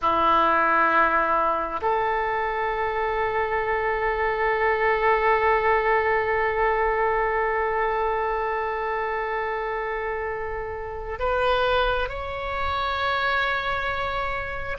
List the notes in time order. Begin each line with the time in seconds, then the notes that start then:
0.01 E4
1.81 A4
11.19 B4
12.08 C#5